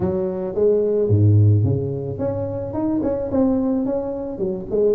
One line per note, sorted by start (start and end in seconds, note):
0.00 0.55 F#3
0.55 1.09 G#3
1.09 1.64 G#2
1.64 2.18 C#3
2.18 2.73 C#4
2.73 3.01 D#4
3.03 3.30 C#4
3.31 3.85 C4
3.85 4.38 C#4
4.38 4.65 F#3
4.70 4.95 G#3